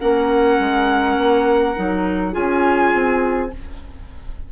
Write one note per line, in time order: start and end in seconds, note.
0.00 0.59 A#3
0.00 1.76 C#4
0.00 2.32 A#4
0.00 2.34 F#5
0.59 1.17 G#3
1.17 1.76 A#3
1.76 2.36 F#3
1.76 2.32 D#4
2.32 2.94 C#4
2.32 3.50 F4
2.32 3.50 G#4
2.32 3.52 G#5
2.94 3.52 C4